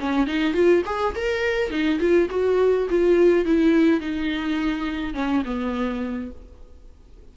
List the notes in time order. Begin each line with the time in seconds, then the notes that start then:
0.00 C#4
0.27 D#4
0.54 F4
0.86 G#4
1.16 A#4
1.71 D#4
2.00 F4
2.31 F#4
2.90 F4
3.46 E4
4.01 D#4
5.14 C#4
5.45 B3